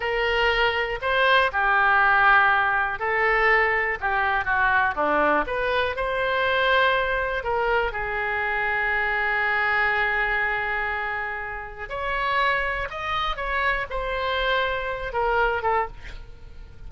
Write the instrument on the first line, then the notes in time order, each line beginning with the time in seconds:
oboe
0.00 A#4
1.01 C5
1.52 G4
2.99 A4
4.00 G4
4.44 F#4
4.95 D4
5.46 B4
5.96 C5
7.43 A#4
7.92 G#4
11.89 C#5
12.90 D#5
13.36 C#5
13.90 C5
15.12 A#4
15.62 A4